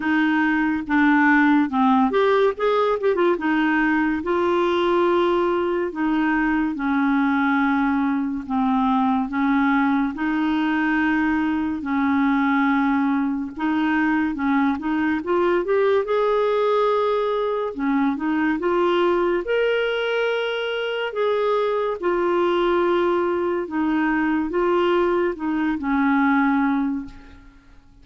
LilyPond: \new Staff \with { instrumentName = "clarinet" } { \time 4/4 \tempo 4 = 71 dis'4 d'4 c'8 g'8 gis'8 g'16 f'16 | dis'4 f'2 dis'4 | cis'2 c'4 cis'4 | dis'2 cis'2 |
dis'4 cis'8 dis'8 f'8 g'8 gis'4~ | gis'4 cis'8 dis'8 f'4 ais'4~ | ais'4 gis'4 f'2 | dis'4 f'4 dis'8 cis'4. | }